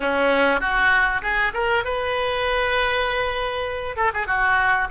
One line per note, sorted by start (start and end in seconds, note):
0.00 0.60 C#4
0.60 1.21 F#4
1.21 1.52 G#4
1.53 1.84 A#4
1.84 3.96 B4
3.96 4.11 A4
4.13 4.26 G#4
4.26 4.88 F#4